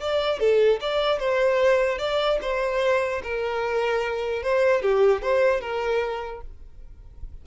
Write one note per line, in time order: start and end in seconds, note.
0.00 0.40 D5
0.40 0.80 A4
0.81 1.19 D5
1.19 1.98 C5
1.98 2.39 D5
2.42 3.22 C5
3.23 4.43 A#4
4.43 4.82 C5
4.82 5.22 G4
5.22 5.61 C5
5.61 6.41 A#4